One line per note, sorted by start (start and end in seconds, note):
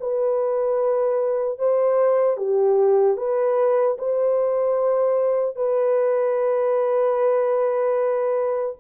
0.00 1.59 B4
1.59 2.37 C5
2.37 3.17 G4
3.17 3.97 B4
3.98 5.56 C5
5.56 8.76 B4